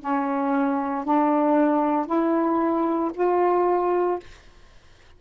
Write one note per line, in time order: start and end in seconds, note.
0.00 1.04 C#4
1.04 2.06 D4
2.06 3.11 E4
3.14 4.19 F4